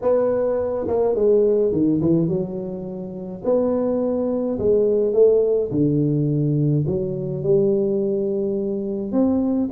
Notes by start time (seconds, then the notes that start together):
0.01 B3
0.87 A#3
1.15 G#3
1.72 D#3
2.01 E3
2.28 F#3
3.44 B3
4.58 G#3
5.13 A3
5.71 D3
6.86 F#3
7.43 G3
9.11 C4